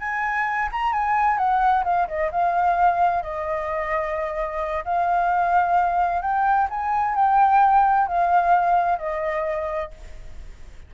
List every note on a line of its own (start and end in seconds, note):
0.00 0.69 G#5
0.72 0.93 A#5
0.93 1.38 G#5
1.38 1.84 F#5
1.84 2.07 F5
2.08 2.31 D#5
2.31 3.22 F5
3.22 4.84 D#5
4.85 6.22 F5
6.22 6.68 G5
6.70 7.15 G#5
7.15 8.07 G5
8.07 8.99 F5
8.99 9.91 D#5